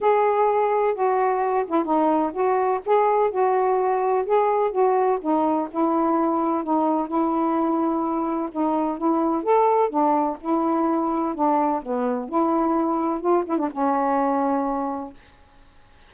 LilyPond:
\new Staff \with { instrumentName = "saxophone" } { \time 4/4 \tempo 4 = 127 gis'2 fis'4. e'8 | dis'4 fis'4 gis'4 fis'4~ | fis'4 gis'4 fis'4 dis'4 | e'2 dis'4 e'4~ |
e'2 dis'4 e'4 | a'4 d'4 e'2 | d'4 b4 e'2 | f'8 e'16 d'16 cis'2. | }